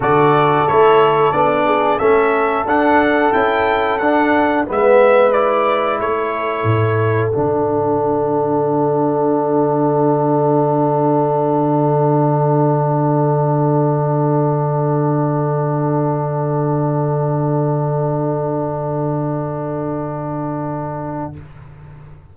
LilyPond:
<<
  \new Staff \with { instrumentName = "trumpet" } { \time 4/4 \tempo 4 = 90 d''4 cis''4 d''4 e''4 | fis''4 g''4 fis''4 e''4 | d''4 cis''2 fis''4~ | fis''1~ |
fis''1~ | fis''1~ | fis''1~ | fis''1 | }
  \new Staff \with { instrumentName = "horn" } { \time 4/4 a'2~ a'8 gis'8 a'4~ | a'2. b'4~ | b'4 a'2.~ | a'1~ |
a'1~ | a'1~ | a'1~ | a'1 | }
  \new Staff \with { instrumentName = "trombone" } { \time 4/4 fis'4 e'4 d'4 cis'4 | d'4 e'4 d'4 b4 | e'2. d'4~ | d'1~ |
d'1~ | d'1~ | d'1~ | d'1 | }
  \new Staff \with { instrumentName = "tuba" } { \time 4/4 d4 a4 b4 a4 | d'4 cis'4 d'4 gis4~ | gis4 a4 a,4 d4~ | d1~ |
d1~ | d1~ | d1~ | d1 | }
>>